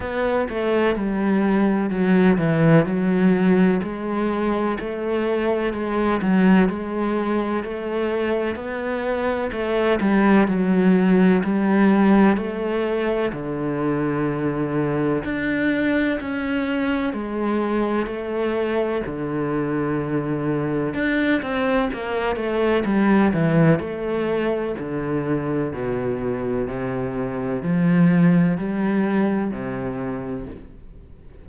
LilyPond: \new Staff \with { instrumentName = "cello" } { \time 4/4 \tempo 4 = 63 b8 a8 g4 fis8 e8 fis4 | gis4 a4 gis8 fis8 gis4 | a4 b4 a8 g8 fis4 | g4 a4 d2 |
d'4 cis'4 gis4 a4 | d2 d'8 c'8 ais8 a8 | g8 e8 a4 d4 b,4 | c4 f4 g4 c4 | }